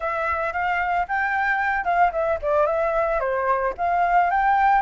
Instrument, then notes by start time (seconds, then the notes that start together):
flute
0.00 E5
0.52 F5
1.07 G5
1.84 F5
2.12 E5
2.41 D5
2.66 E5
3.20 C5
3.77 F5
4.30 G5